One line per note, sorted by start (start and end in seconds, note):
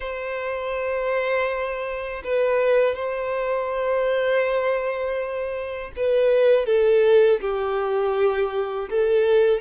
0.00 2.22 C5
2.24 2.95 B4
2.95 5.91 C5
5.96 6.66 B4
6.66 7.40 A4
7.41 8.89 G4
8.89 9.61 A4